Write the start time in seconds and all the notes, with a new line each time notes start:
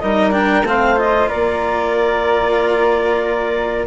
0.00 G3 D#4 A#4 D#5
0.32 D4 G5
0.63 A3 C4 F5
0.69 C5
0.97 F4 D#5
1.29 A#3 A#4 D5